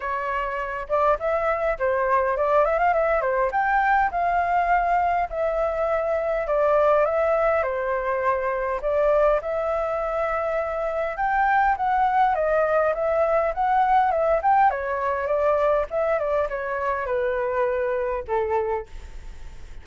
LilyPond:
\new Staff \with { instrumentName = "flute" } { \time 4/4 \tempo 4 = 102 cis''4. d''8 e''4 c''4 | d''8 e''16 f''16 e''8 c''8 g''4 f''4~ | f''4 e''2 d''4 | e''4 c''2 d''4 |
e''2. g''4 | fis''4 dis''4 e''4 fis''4 | e''8 g''8 cis''4 d''4 e''8 d''8 | cis''4 b'2 a'4 | }